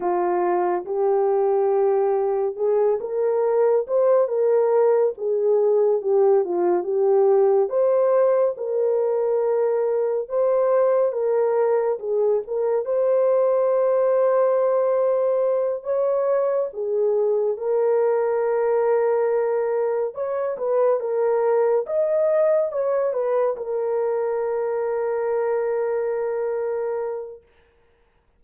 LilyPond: \new Staff \with { instrumentName = "horn" } { \time 4/4 \tempo 4 = 70 f'4 g'2 gis'8 ais'8~ | ais'8 c''8 ais'4 gis'4 g'8 f'8 | g'4 c''4 ais'2 | c''4 ais'4 gis'8 ais'8 c''4~ |
c''2~ c''8 cis''4 gis'8~ | gis'8 ais'2. cis''8 | b'8 ais'4 dis''4 cis''8 b'8 ais'8~ | ais'1 | }